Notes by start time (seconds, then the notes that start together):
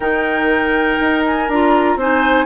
0.00 D#3 D#4 A#4 G5
1.00 D#4
1.26 G#5
1.48 D4 F4 A#5
1.96 C4 D#4 C5 G#5